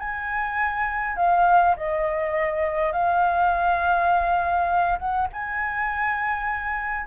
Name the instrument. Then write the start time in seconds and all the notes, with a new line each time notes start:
flute
0.00 G#5
1.17 F5
1.77 D#5
2.93 F5
4.99 F#5
5.33 G#5